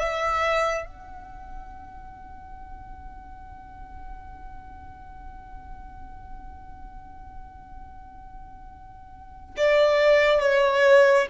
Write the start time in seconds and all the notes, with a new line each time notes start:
0.00 E5
0.87 F#5
9.57 D5
10.40 C#5